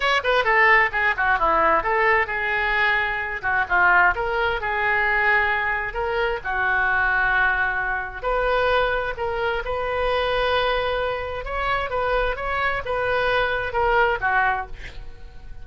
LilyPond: \new Staff \with { instrumentName = "oboe" } { \time 4/4 \tempo 4 = 131 cis''8 b'8 a'4 gis'8 fis'8 e'4 | a'4 gis'2~ gis'8 fis'8 | f'4 ais'4 gis'2~ | gis'4 ais'4 fis'2~ |
fis'2 b'2 | ais'4 b'2.~ | b'4 cis''4 b'4 cis''4 | b'2 ais'4 fis'4 | }